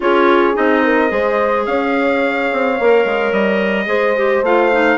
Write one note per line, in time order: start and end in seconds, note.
0.00 0.56 C#4
0.00 0.54 F4
0.00 0.84 G#4
0.00 0.56 C#5
0.54 1.11 C4
0.54 1.08 D#4
0.54 1.66 D#5
0.84 1.11 A#4
1.08 1.66 G#3
1.08 2.75 G#4
1.08 1.66 C5
1.66 2.50 C#4
1.66 3.88 C#5
1.66 3.32 F5
2.52 2.79 C4
2.79 3.04 A#3
2.79 3.86 A#4
3.04 3.32 G#3
3.32 3.86 G3
3.32 4.44 D#5
3.86 4.42 G#3
3.86 4.13 G#4
3.86 4.98 C5
4.16 4.44 G4
4.42 4.97 A3
4.42 4.72 F4
4.42 4.98 F5
4.72 4.98 D#4